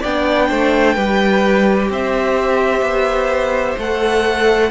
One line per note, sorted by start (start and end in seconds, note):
0.00 0.50 B3
0.00 0.97 D4
0.00 0.47 D5
0.00 1.91 G5
0.49 0.96 A3
0.49 0.94 C5
0.94 1.89 G3
0.94 3.78 G4
0.94 1.88 B4
1.89 2.81 C4
1.89 4.71 C5
1.89 3.79 E5
2.81 3.75 B3
3.77 4.71 A3
3.77 4.71 A4
3.77 4.71 F#5